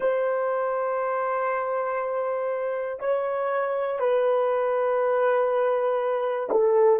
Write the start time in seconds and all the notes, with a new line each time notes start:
0.00 C5
3.00 C#5
3.99 B4
6.50 A4